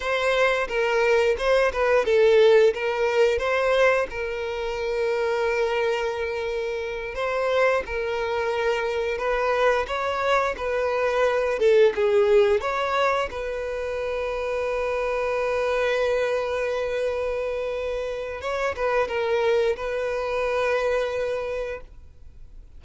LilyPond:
\new Staff \with { instrumentName = "violin" } { \time 4/4 \tempo 4 = 88 c''4 ais'4 c''8 b'8 a'4 | ais'4 c''4 ais'2~ | ais'2~ ais'8 c''4 ais'8~ | ais'4. b'4 cis''4 b'8~ |
b'4 a'8 gis'4 cis''4 b'8~ | b'1~ | b'2. cis''8 b'8 | ais'4 b'2. | }